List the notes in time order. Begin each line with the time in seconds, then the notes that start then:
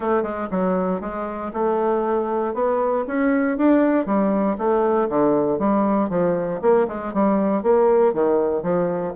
0.00 A3
0.22 G#3
0.50 F#3
1.00 G#3
1.53 A3
2.54 B3
3.07 C#4
3.57 D4
4.05 G3
4.57 A3
5.09 D3
5.58 G3
6.09 F3
6.61 A#3
6.88 G#3
7.13 G3
7.62 A#3
8.13 D#3
8.63 F3